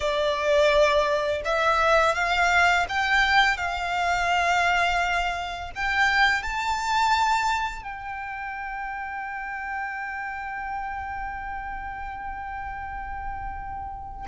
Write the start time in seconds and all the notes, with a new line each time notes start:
0.00 D5
1.44 E5
2.14 F5
2.88 G5
3.57 F5
5.75 G5
6.43 A5
7.82 G5